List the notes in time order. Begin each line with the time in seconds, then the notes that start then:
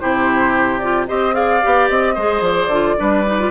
0.00 C3 E4 G4 C5
0.78 F4 D5
1.08 C4 G4 C5 D#5
1.33 G#4 D5 F5
1.62 B3 G4
1.89 C4 D#5
2.14 G#3 G#4 C5
2.41 F3 D5
2.68 D3 F4
2.97 G3 D4 B4
3.26 D#4
3.40 F4